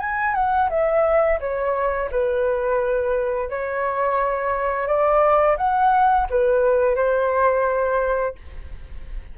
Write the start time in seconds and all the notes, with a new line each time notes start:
0.00 G#5
0.35 F#5
0.70 E5
1.40 C#5
2.12 B4
3.50 C#5
4.87 D5
5.58 F#5
6.30 B4
6.96 C5